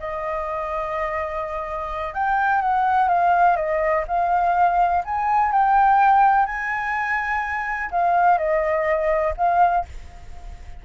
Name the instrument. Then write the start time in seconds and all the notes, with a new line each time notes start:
flute
0.00 D#5
2.14 G5
2.62 F#5
3.09 F5
3.57 D#5
4.08 F5
5.05 G#5
5.52 G5
6.46 G#5
7.91 F5
8.38 D#5
9.37 F5